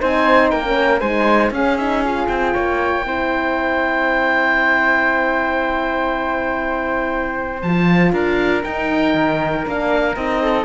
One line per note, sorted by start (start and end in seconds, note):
0.00 0.52 C4
0.00 0.62 D#4
0.00 0.51 C5
0.00 0.49 G#5
0.49 1.01 A#3
0.49 1.00 A#4
0.49 1.00 G5
0.62 1.01 C#4
1.00 1.50 G#3
1.00 1.52 D#4
1.00 1.50 C5
1.00 1.51 G#5
1.50 2.26 C#4
1.50 1.78 C#4
1.50 2.53 G#4
1.50 1.77 F5
1.77 2.03 D#4
1.77 2.03 E5
2.03 3.04 F4
2.03 2.27 F5
2.27 2.53 C4
2.27 7.61 G5
2.53 3.05 A#3
2.53 3.04 C#5
3.04 7.62 C4
3.04 7.62 E4
3.04 8.12 C5
7.62 8.12 F3
7.62 8.64 F4
7.62 8.12 A5
8.12 8.63 D4
8.12 10.41 A#4
8.12 8.63 F5
8.63 9.64 D#4
8.63 9.14 D#4
8.63 9.65 G5
9.14 9.65 D#3
9.64 10.16 A#3
9.64 10.15 D4
9.64 10.16 F5
10.15 10.65 C4
10.15 10.65 D#4
10.15 10.65 D#5
10.41 10.65 A4